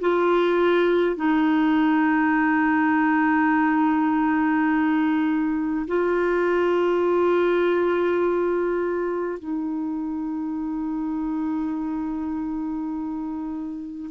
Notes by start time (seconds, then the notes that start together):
0.00 F4
1.16 D#4
5.87 F4
9.39 D#4